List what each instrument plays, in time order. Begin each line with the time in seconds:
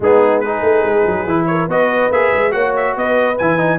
0.00 tuba G#3, trombone B3, horn D#4, trumpet G#4
0.40 trombone D#4, horn G#4, trumpet B4
0.62 tuba A3
0.84 tuba G#3
1.06 tuba F#3
1.26 tuba E3, trombone E4
1.46 horn A#4, trumpet C#5
1.68 tuba B3, trombone F#4, horn B4, trumpet D#5
2.10 tuba A#3, trombone G#4, trumpet E5
2.33 tuba G#3
2.50 tuba A#3, trombone F#4, horn C#5, trumpet F#5
2.76 trumpet E5
2.96 tuba B3, horn B4, trumpet D#5
3.38 tuba E3, trombone E4, trumpet G#5
3.57 trombone D#4